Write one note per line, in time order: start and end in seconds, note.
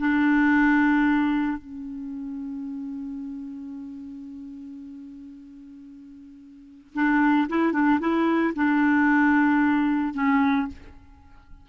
0.00 1.58 D4
1.58 6.94 C#4
6.95 7.48 D4
7.50 7.73 E4
7.73 8.00 D4
8.01 8.54 E4
8.56 10.14 D4
10.14 10.68 C#4